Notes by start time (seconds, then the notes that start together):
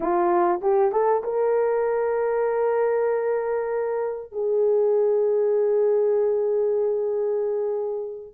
0.00 F4
0.61 G4
0.92 A4
1.23 A#4
4.32 G#4